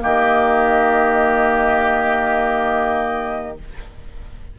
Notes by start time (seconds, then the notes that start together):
0.00 D#3 A#3 G4 D#5